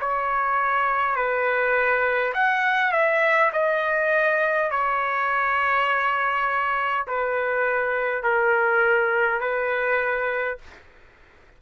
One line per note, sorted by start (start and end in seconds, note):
0.00 1.16 C#5
1.16 2.33 B4
2.34 2.92 F#5
2.92 3.51 E5
3.53 4.71 D#5
4.71 7.06 C#5
7.07 8.23 B4
8.23 9.40 A#4
9.40 10.58 B4